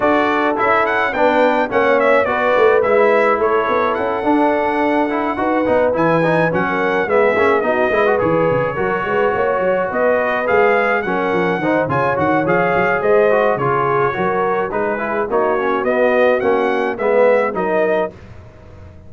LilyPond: <<
  \new Staff \with { instrumentName = "trumpet" } { \time 4/4 \tempo 4 = 106 d''4 e''8 fis''8 g''4 fis''8 e''8 | d''4 e''4 cis''4 fis''4~ | fis''2~ fis''8 gis''4 fis''8~ | fis''8 e''4 dis''4 cis''4.~ |
cis''4. dis''4 f''4 fis''8~ | fis''4 gis''8 fis''8 f''4 dis''4 | cis''2 b'4 cis''4 | dis''4 fis''4 e''4 dis''4 | }
  \new Staff \with { instrumentName = "horn" } { \time 4/4 a'2 b'4 cis''4 | b'2 a'2~ | a'4. b'2~ b'16 ais'16~ | ais'8 gis'4 fis'8 b'4. ais'8 |
b'8 cis''4 b'2 ais'8~ | ais'8 c''8 cis''2 c''4 | gis'4 ais'4 gis'4 fis'4~ | fis'2 b'4 ais'4 | }
  \new Staff \with { instrumentName = "trombone" } { \time 4/4 fis'4 e'4 d'4 cis'4 | fis'4 e'2~ e'8 d'8~ | d'4 e'8 fis'8 dis'8 e'8 dis'8 cis'8~ | cis'8 b8 cis'8 dis'8 e'16 fis'16 gis'4 fis'8~ |
fis'2~ fis'8 gis'4 cis'8~ | cis'8 dis'8 f'8 fis'8 gis'4. fis'8 | f'4 fis'4 dis'8 e'8 dis'8 cis'8 | b4 cis'4 b4 dis'4 | }
  \new Staff \with { instrumentName = "tuba" } { \time 4/4 d'4 cis'4 b4 ais4 | b8 a8 gis4 a8 b8 cis'8 d'8~ | d'4. dis'8 b8 e4 fis8~ | fis8 gis8 ais8 b8 gis8 e8 cis8 fis8 |
gis8 ais8 fis8 b4 gis4 fis8 | f8 dis8 cis8 dis8 f8 fis8 gis4 | cis4 fis4 gis4 ais4 | b4 ais4 gis4 fis4 | }
>>